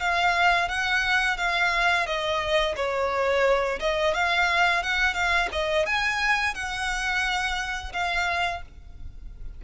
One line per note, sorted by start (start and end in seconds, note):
0.00 0.68 F5
0.68 1.37 F#5
1.37 2.06 F5
2.06 2.75 D#5
2.76 3.79 C#5
3.80 4.14 D#5
4.14 4.83 F5
4.83 5.14 F#5
5.14 5.49 F5
5.52 5.86 D#5
5.86 6.54 G#5
6.54 7.92 F#5
7.93 8.62 F5